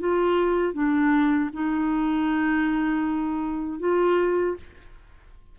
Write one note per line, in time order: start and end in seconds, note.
0.00 0.74 F4
0.74 1.51 D4
1.53 3.80 D#4
3.80 4.57 F4